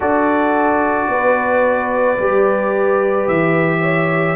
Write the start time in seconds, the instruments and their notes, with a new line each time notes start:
0.00 tuba D4, trombone F#4, horn A4, trumpet D5
1.08 tuba B3, horn B4
2.18 tuba G3, trombone G4
3.27 tuba E3, trumpet E5
3.81 horn C#5